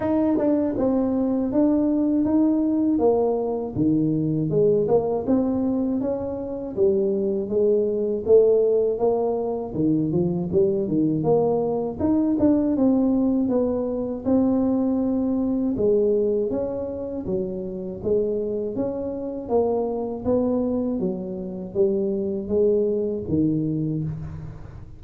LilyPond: \new Staff \with { instrumentName = "tuba" } { \time 4/4 \tempo 4 = 80 dis'8 d'8 c'4 d'4 dis'4 | ais4 dis4 gis8 ais8 c'4 | cis'4 g4 gis4 a4 | ais4 dis8 f8 g8 dis8 ais4 |
dis'8 d'8 c'4 b4 c'4~ | c'4 gis4 cis'4 fis4 | gis4 cis'4 ais4 b4 | fis4 g4 gis4 dis4 | }